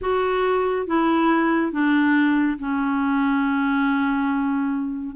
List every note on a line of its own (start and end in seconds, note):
0.01 0.86 F#4
0.86 1.72 E4
1.72 2.58 D4
2.58 5.15 C#4